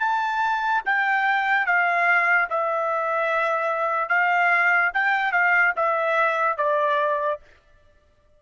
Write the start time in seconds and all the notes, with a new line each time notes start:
0.00 A5
0.86 G5
1.66 F5
2.50 E5
4.09 F5
4.94 G5
5.32 F5
5.76 E5
6.58 D5